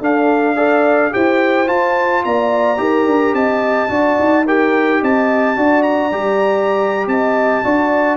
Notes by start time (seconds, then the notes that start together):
0.00 D4 A4 F5
0.55 A4 D5
1.10 E4 G4 C5 G5
1.66 F4 A5
2.24 A#3 D5 A#5
2.77 D#4 G4 A#4
3.06 D4
3.33 C4 D#5 A5
3.88 D4 F#4 D5
4.19 D#4
4.45 G4 A#4 G5
5.01 C4 D#5 A5
5.56 D4 F#4 D5
5.82 A#5
6.11 G3 G4
7.07 C4 D#5 A5
7.64 D4 F#4 D5